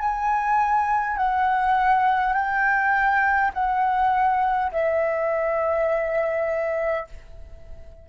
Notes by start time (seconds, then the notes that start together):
0.00 G#5
1.18 F#5
2.34 G5
3.54 F#5
4.72 E5